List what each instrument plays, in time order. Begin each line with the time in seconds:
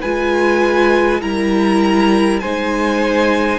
0.00 cello G#3, viola F4, violin B4 G#5
1.21 cello G3, viola E4, violin A#4 A#5
2.39 cello G#3, viola D#4, violin C5 G#5